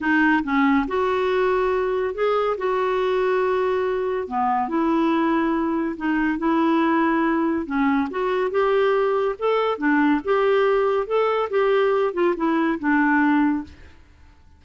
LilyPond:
\new Staff \with { instrumentName = "clarinet" } { \time 4/4 \tempo 4 = 141 dis'4 cis'4 fis'2~ | fis'4 gis'4 fis'2~ | fis'2 b4 e'4~ | e'2 dis'4 e'4~ |
e'2 cis'4 fis'4 | g'2 a'4 d'4 | g'2 a'4 g'4~ | g'8 f'8 e'4 d'2 | }